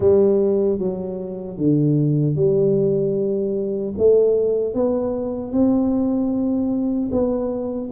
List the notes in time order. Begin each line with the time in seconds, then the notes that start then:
0.00 G3
0.79 F#3
1.57 D3
2.35 G3
3.97 A3
4.74 B3
5.52 C4
7.11 B3